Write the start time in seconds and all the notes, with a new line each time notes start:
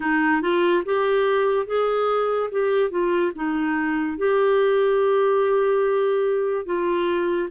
0.00 D#4
0.41 F4
0.85 G4
1.66 G#4
2.51 G4
2.90 F4
3.35 D#4
4.17 G4
6.65 F4